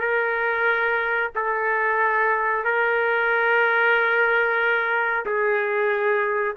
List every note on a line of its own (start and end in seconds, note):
0.00 1.30 A#4
1.35 2.65 A4
2.65 5.26 A#4
5.26 6.56 G#4